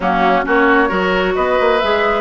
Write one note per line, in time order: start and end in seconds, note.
0.00 0.42 F#3
0.00 0.43 A#3
0.00 0.45 C#4
0.00 0.46 F#4
0.43 0.91 A#3
0.43 0.88 C#4
0.43 0.88 F#4
0.43 1.35 C#5
0.88 1.36 F#3
0.88 1.79 F#4
0.88 1.33 A#4
1.35 1.59 B3
1.35 2.21 B4
1.35 1.78 D#5
1.59 1.82 A#3
1.78 2.21 G#3
1.78 2.21 G#4
1.78 2.21 E5